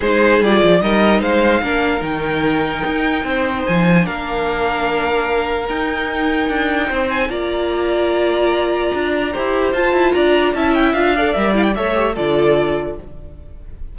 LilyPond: <<
  \new Staff \with { instrumentName = "violin" } { \time 4/4 \tempo 4 = 148 c''4 d''4 dis''4 f''4~ | f''4 g''2.~ | g''4 gis''4 f''2~ | f''2 g''2~ |
g''4. gis''8 ais''2~ | ais''1 | a''4 ais''4 a''8 g''8 f''4 | e''8 f''16 g''16 e''4 d''2 | }
  \new Staff \with { instrumentName = "violin" } { \time 4/4 gis'2 ais'4 c''4 | ais'1 | c''2 ais'2~ | ais'1~ |
ais'4 c''4 d''2~ | d''2. c''4~ | c''4 d''4 e''4. d''8~ | d''4 cis''4 a'2 | }
  \new Staff \with { instrumentName = "viola" } { \time 4/4 dis'4 f'4 dis'2 | d'4 dis'2.~ | dis'2 d'2~ | d'2 dis'2~ |
dis'2 f'2~ | f'2. g'4 | f'2 e'4 f'8 a'8 | ais'8 e'8 a'8 g'8 f'2 | }
  \new Staff \with { instrumentName = "cello" } { \time 4/4 gis4 g8 f8 g4 gis4 | ais4 dis2 dis'4 | c'4 f4 ais2~ | ais2 dis'2 |
d'4 c'4 ais2~ | ais2 d'4 e'4 | f'8 e'8 d'4 cis'4 d'4 | g4 a4 d2 | }
>>